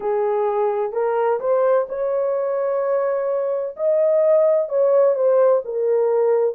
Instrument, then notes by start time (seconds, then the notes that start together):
horn
0.00 G#4
0.92 A#4
1.40 C5
1.88 C#5
3.76 D#5
4.68 C#5
5.15 C5
5.65 A#4